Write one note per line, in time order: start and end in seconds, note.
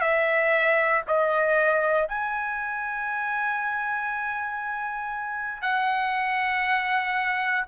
0.00 1.02 E5
1.07 2.08 D#5
2.08 5.61 G#5
5.61 7.65 F#5